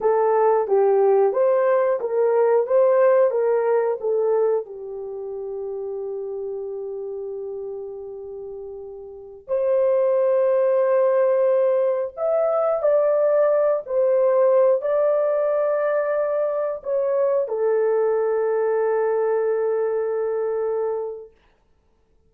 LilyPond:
\new Staff \with { instrumentName = "horn" } { \time 4/4 \tempo 4 = 90 a'4 g'4 c''4 ais'4 | c''4 ais'4 a'4 g'4~ | g'1~ | g'2~ g'16 c''4.~ c''16~ |
c''2~ c''16 e''4 d''8.~ | d''8. c''4. d''4.~ d''16~ | d''4~ d''16 cis''4 a'4.~ a'16~ | a'1 | }